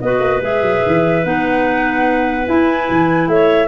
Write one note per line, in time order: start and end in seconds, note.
0.00 0.19 B3
0.00 0.41 F#4
0.00 3.30 B4
0.00 0.41 D#5
0.19 0.40 A#3
0.41 0.61 G#3
0.41 1.22 G#4
0.41 1.24 E5
0.61 0.82 F#3
0.86 1.24 E3
1.23 2.47 B3
1.23 2.46 D#4
1.23 2.47 F#5
2.46 3.68 E4
2.46 2.88 E4
2.46 3.28 G#5
2.89 3.28 E3
3.28 3.68 A3
3.28 3.68 C#5
3.28 3.68 E5